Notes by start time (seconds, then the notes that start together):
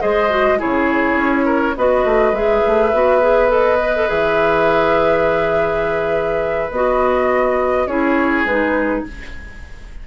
0.00 G#3 G#4 C5 D#5
0.29 F#4
0.58 C#3 E4 G#4 C#5
1.15 C#4
1.45 A#4
1.77 B3 F#4 B4 D#5
2.04 A3
2.32 G#3 G#4 E5
2.66 A3
2.92 B3 F#4
3.20 G#4
3.48 A4 D#5
3.79 B4
3.95 A4
4.07 E3 G#4 E5
6.70 B3 F#4 D#5
7.86 C#4 E4 G#4 C#5
8.44 G#3 D#4 B4